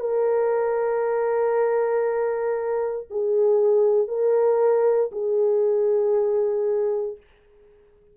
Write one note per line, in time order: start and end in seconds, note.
0.00 3.08 A#4
3.10 4.08 G#4
4.08 5.10 A#4
5.12 7.17 G#4